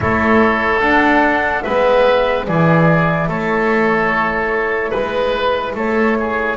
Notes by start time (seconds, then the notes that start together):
0.00 A3 E4 A4 C#5
0.80 D4 F#5
1.62 G#3 B3 B4 E5
2.47 E3 E4 G#4 D5
3.28 A3 A4 C#5
4.90 G#3 B4
5.74 A3 A4 C#5
6.19 G#4